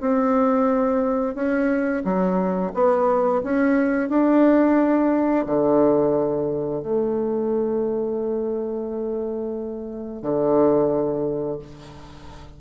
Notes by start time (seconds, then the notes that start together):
0.00 C4
1.35 C#4
2.04 F#3
2.74 B3
3.44 C#4
4.09 D4
5.46 D3
6.82 A3
10.22 D3